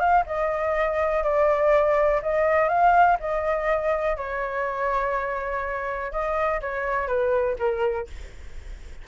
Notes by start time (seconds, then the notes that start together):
0.00 F5
0.26 D#5
1.23 D5
2.22 D#5
2.69 F5
3.20 D#5
4.17 C#5
6.12 D#5
6.61 C#5
7.08 B4
7.59 A#4